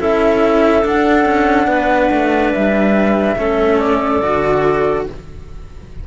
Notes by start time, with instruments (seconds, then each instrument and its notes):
0.00 cello C#4 E4, clarinet A4, flute E5
0.82 cello D4, flute F#5
1.25 cello C#4
1.67 cello B3, clarinet B4
2.11 cello A3
2.53 cello G3, flute E5
3.36 cello A3 C#4, clarinet A4
3.79 flute D5
4.22 cello D3 F#4